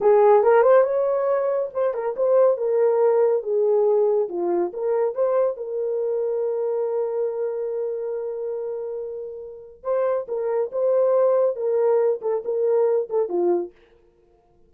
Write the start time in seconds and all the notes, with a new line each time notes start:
0.00 G#4
0.43 A#4
0.62 C5
0.83 C#5
1.73 C5
1.94 A#4
2.16 C5
2.57 A#4
3.42 G#4
4.29 F4
4.73 A#4
5.14 C5
5.56 A#4
9.83 C5
10.28 A#4
10.71 C5
11.56 A#4
12.21 A4
12.44 A#4
13.09 A4
13.28 F4